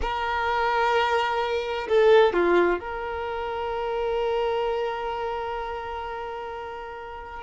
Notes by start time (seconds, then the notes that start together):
0.01 A#4
1.88 A4
2.33 F4
2.79 A#4